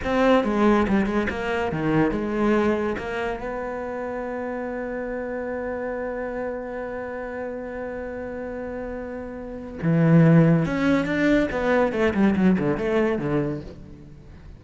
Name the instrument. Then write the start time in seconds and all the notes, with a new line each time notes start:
cello
0.04 C4
0.44 G#3
0.87 G3
1.06 G#3
1.29 A#3
1.72 D#3
2.11 G#3
2.98 A#3
3.39 B3
9.82 E3
10.65 C#4
11.05 D4
11.51 B3
11.92 A3
12.14 G3
12.36 F#3
12.58 D3
12.77 A3
13.18 D3